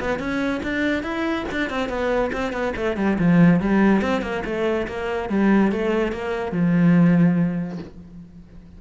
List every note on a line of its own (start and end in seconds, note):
0.00 0.18 B3
0.18 0.61 C#4
0.63 1.03 D4
1.03 1.45 E4
1.52 1.69 D4
1.69 1.88 C4
1.88 2.31 B3
2.32 2.52 C4
2.52 2.73 B3
2.76 2.96 A3
2.96 3.17 G3
3.18 3.60 F3
3.60 4.01 G3
4.01 4.21 C4
4.21 4.43 A#3
4.44 4.87 A3
4.87 5.29 A#3
5.29 5.71 G3
5.71 6.12 A3
6.12 6.51 A#3
6.51 7.78 F3